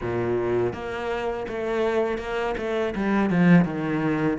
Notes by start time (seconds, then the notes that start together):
0.01 A#2
0.73 A#3
1.47 A3
2.18 A#3
2.57 A3
2.95 G3
3.30 F3
3.64 D#3